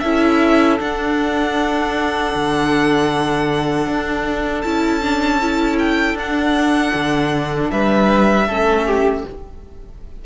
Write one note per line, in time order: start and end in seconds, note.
0.00 0.80 C#4
0.00 0.79 E4
0.00 7.71 A4
0.00 0.77 E5
0.79 4.64 D4
0.79 2.34 D4
0.79 4.62 F#5
2.36 3.87 D3
3.87 4.64 D4
4.62 6.15 C#4
4.62 5.02 E4
4.62 5.77 A5
5.02 5.40 D4
5.42 6.18 E4
5.79 6.17 G5
6.15 6.92 D4
6.15 8.49 D4
6.15 7.71 F#5
6.94 7.71 D3
7.71 8.48 G3
7.71 8.48 B4
7.71 9.25 E5
8.48 9.25 A3
8.48 9.26 C#4
8.48 8.87 A4
8.87 9.25 G4